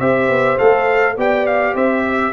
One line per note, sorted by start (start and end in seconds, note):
0.00 0.29 C4
0.00 0.58 G4
0.00 1.16 C5
0.00 0.58 E5
0.29 0.58 B3
0.58 1.16 A3
0.58 1.16 A4
0.58 1.16 F5
1.16 1.74 B3
1.16 2.33 G4
1.16 1.74 D5
1.16 1.46 G5
1.46 1.75 F5
1.74 2.32 C4
1.74 2.03 C5
1.74 2.33 E5
2.06 2.33 E5